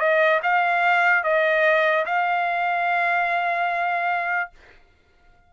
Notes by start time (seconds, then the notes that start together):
0.00 D#5
0.43 F5
1.24 D#5
2.06 F5